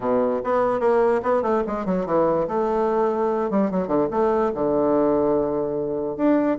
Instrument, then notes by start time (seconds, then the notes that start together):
bassoon
0.00 B2
0.44 B3
0.80 A#3
1.22 B3
1.42 A3
1.66 G#3
1.85 F#3
2.06 E3
2.47 A3
3.50 G3
3.70 F#3
3.87 D3
4.10 A3
4.54 D3
6.16 D4